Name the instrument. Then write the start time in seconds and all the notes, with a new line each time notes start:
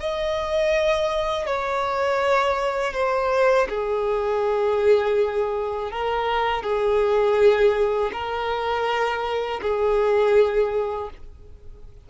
violin
0.00 D#5
1.46 C#5
2.94 C5
3.69 G#4
5.92 A#4
6.63 G#4
8.13 A#4
9.62 G#4